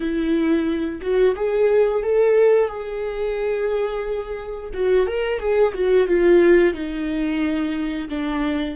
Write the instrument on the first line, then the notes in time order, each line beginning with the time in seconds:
viola
0.00 E4
1.01 F#4
1.35 G#4
2.03 A4
2.68 G#4
4.73 F#4
5.07 A#4
5.39 G#4
5.73 F#4
6.07 F4
6.74 D#4
8.09 D4